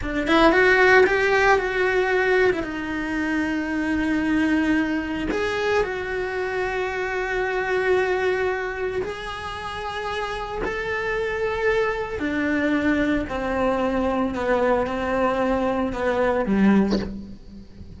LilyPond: \new Staff \with { instrumentName = "cello" } { \time 4/4 \tempo 4 = 113 d'8 e'8 fis'4 g'4 fis'4~ | fis'8. e'16 dis'2.~ | dis'2 gis'4 fis'4~ | fis'1~ |
fis'4 gis'2. | a'2. d'4~ | d'4 c'2 b4 | c'2 b4 g4 | }